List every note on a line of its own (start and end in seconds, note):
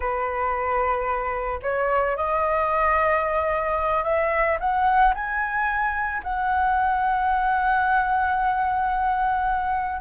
0.00 1.59 B4
1.62 2.16 C#5
2.16 4.03 D#5
4.03 4.57 E5
4.60 5.14 F#5
5.14 6.22 G#5
6.23 10.01 F#5